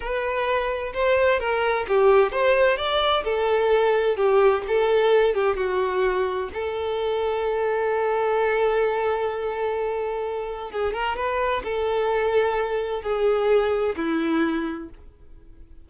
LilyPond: \new Staff \with { instrumentName = "violin" } { \time 4/4 \tempo 4 = 129 b'2 c''4 ais'4 | g'4 c''4 d''4 a'4~ | a'4 g'4 a'4. g'8 | fis'2 a'2~ |
a'1~ | a'2. gis'8 ais'8 | b'4 a'2. | gis'2 e'2 | }